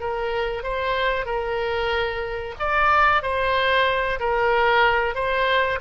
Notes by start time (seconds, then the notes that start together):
0.00 A#4
0.63 C5
1.26 A#4
2.59 D5
3.23 C5
4.20 A#4
5.15 C5